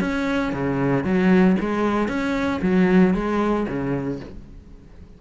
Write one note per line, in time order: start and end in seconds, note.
0.00 0.52 C#4
0.52 1.04 C#3
1.04 1.56 F#3
1.59 2.08 G#3
2.08 2.60 C#4
2.62 3.14 F#3
3.14 3.66 G#3
3.67 4.20 C#3